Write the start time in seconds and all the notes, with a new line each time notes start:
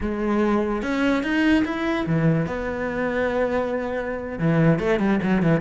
0.01 G#3
0.82 C#4
1.23 D#4
1.64 E4
2.06 E3
2.46 B3
4.38 E3
4.79 A3
4.99 G3
5.22 F#3
5.42 E3